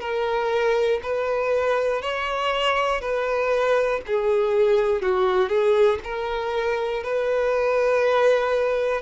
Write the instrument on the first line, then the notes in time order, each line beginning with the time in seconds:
violin
0.00 A#4
1.02 B4
2.02 C#5
3.01 B4
4.06 G#4
5.02 F#4
5.49 G#4
6.04 A#4
7.03 B4